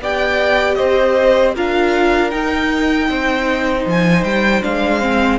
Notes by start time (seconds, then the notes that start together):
0.00 B3 G4 D5 G5
0.75 C4 C5 D#5
1.55 D4 F4 A#4 F5
2.31 D#4 G5
3.08 C4 C5
3.86 F3 G#5
4.24 G3 G5
4.62 G#3 D4 F5
5.01 C4